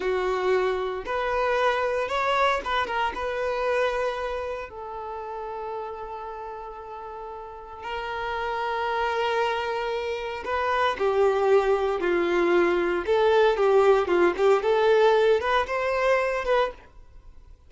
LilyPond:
\new Staff \with { instrumentName = "violin" } { \time 4/4 \tempo 4 = 115 fis'2 b'2 | cis''4 b'8 ais'8 b'2~ | b'4 a'2.~ | a'2. ais'4~ |
ais'1 | b'4 g'2 f'4~ | f'4 a'4 g'4 f'8 g'8 | a'4. b'8 c''4. b'8 | }